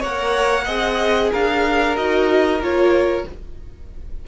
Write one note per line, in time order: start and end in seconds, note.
0.00 0.67 A#3
0.00 0.67 A#4
0.00 0.65 C#5
0.00 1.33 F#5
0.65 1.32 C4
0.65 1.96 G#4
0.65 1.30 D#5
1.32 1.97 D4
1.32 3.25 A#4
1.32 1.97 F5
1.97 2.60 D#4
1.97 2.61 F#4
1.97 2.61 D#5
2.60 3.24 A#3
2.60 3.26 F4
2.60 3.28 C#5